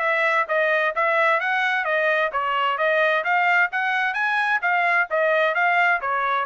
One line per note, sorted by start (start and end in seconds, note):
0.00 0.46 E5
0.49 0.95 D#5
0.96 1.41 E5
1.41 1.85 F#5
1.85 2.31 D#5
2.33 2.78 C#5
2.78 3.24 D#5
3.25 3.71 F5
3.72 4.14 F#5
4.14 4.60 G#5
4.62 5.09 F5
5.11 5.55 D#5
5.55 6.01 F5
6.01 6.46 C#5